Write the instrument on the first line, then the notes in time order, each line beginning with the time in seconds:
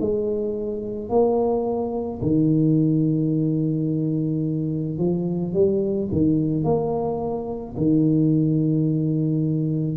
tuba
0.00 G#3
1.09 A#3
2.21 D#3
4.98 F3
5.53 G3
6.11 D#3
6.64 A#3
7.77 D#3